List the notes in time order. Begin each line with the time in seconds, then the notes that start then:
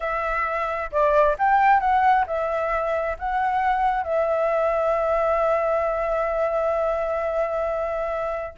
0.00 E5
0.91 D5
1.38 G5
1.79 F#5
2.26 E5
3.18 F#5
4.03 E5